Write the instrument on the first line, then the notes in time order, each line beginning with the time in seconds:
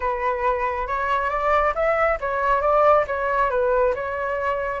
flute
0.00 B4
0.87 C#5
1.29 D5
1.74 E5
2.20 C#5
2.61 D5
3.07 C#5
3.50 B4
3.95 C#5